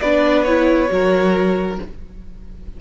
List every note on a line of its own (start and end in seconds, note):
0.00 0.90 B3
0.00 0.47 D4
0.00 0.90 B4
0.00 0.44 D5
0.44 0.88 E4
0.44 1.76 C#5
0.88 1.78 F#3
0.88 1.76 F#4
0.88 1.81 A#4